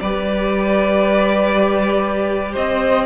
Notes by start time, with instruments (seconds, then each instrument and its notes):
0.00 cello G3, viola G4, violin B4 D5
2.52 cello C4, violin C5 D#5